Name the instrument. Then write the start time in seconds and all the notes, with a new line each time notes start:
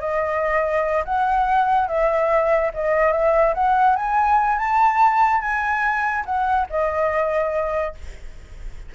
flute
0.00 D#5
1.05 F#5
1.88 E5
2.74 D#5
3.12 E5
3.55 F#5
3.96 G#5
4.59 A5
5.41 G#5
6.26 F#5
6.70 D#5